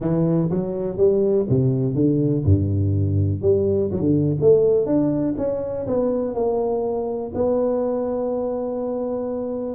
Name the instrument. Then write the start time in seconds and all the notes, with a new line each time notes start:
tuba
0.00 E3
0.50 F#3
0.97 G3
1.49 C3
1.94 D3
2.44 G2
3.41 G3
3.91 F#3
4.00 D3
4.41 A3
4.86 D4
5.37 C#4
5.86 B3
6.34 A#3
7.34 B3